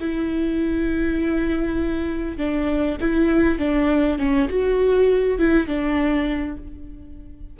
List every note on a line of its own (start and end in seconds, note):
0.00 2.38 E4
2.38 2.98 D4
3.01 3.59 E4
3.59 4.19 D4
4.19 4.49 C#4
4.49 5.39 F#4
5.39 5.68 E4
5.68 6.58 D4